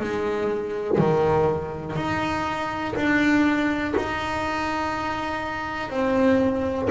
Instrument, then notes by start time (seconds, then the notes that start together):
double bass
0.00 G#3
0.98 D#3
1.96 D#4
2.96 D4
3.97 D#4
5.90 C4